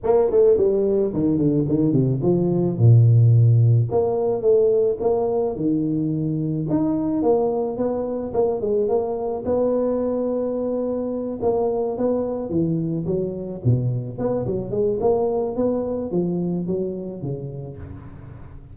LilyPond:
\new Staff \with { instrumentName = "tuba" } { \time 4/4 \tempo 4 = 108 ais8 a8 g4 dis8 d8 dis8 c8 | f4 ais,2 ais4 | a4 ais4 dis2 | dis'4 ais4 b4 ais8 gis8 |
ais4 b2.~ | b8 ais4 b4 e4 fis8~ | fis8 b,4 b8 fis8 gis8 ais4 | b4 f4 fis4 cis4 | }